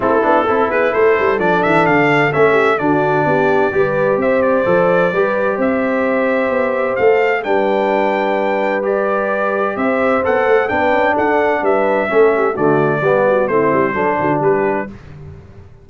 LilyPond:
<<
  \new Staff \with { instrumentName = "trumpet" } { \time 4/4 \tempo 4 = 129 a'4. b'8 c''4 d''8 e''8 | f''4 e''4 d''2~ | d''4 e''8 d''2~ d''8 | e''2. f''4 |
g''2. d''4~ | d''4 e''4 fis''4 g''4 | fis''4 e''2 d''4~ | d''4 c''2 b'4 | }
  \new Staff \with { instrumentName = "horn" } { \time 4/4 e'4 a'8 gis'8 a'2~ | a'4. g'8 fis'4 g'4 | b'4 c''2 b'4 | c''1 |
b'1~ | b'4 c''2 b'4 | a'4 b'4 a'8 g'8 fis'4 | g'8 fis'8 e'4 a'8 fis'8 g'4 | }
  \new Staff \with { instrumentName = "trombone" } { \time 4/4 c'8 d'8 e'2 d'4~ | d'4 cis'4 d'2 | g'2 a'4 g'4~ | g'2. a'4 |
d'2. g'4~ | g'2 a'4 d'4~ | d'2 cis'4 a4 | b4 c'4 d'2 | }
  \new Staff \with { instrumentName = "tuba" } { \time 4/4 a8 b8 c'8 b8 a8 g8 f8 e8 | d4 a4 d4 b4 | g4 c'4 f4 g4 | c'2 b4 a4 |
g1~ | g4 c'4 b8 a8 b8 cis'8 | d'4 g4 a4 d4 | g4 a8 g8 fis8 d8 g4 | }
>>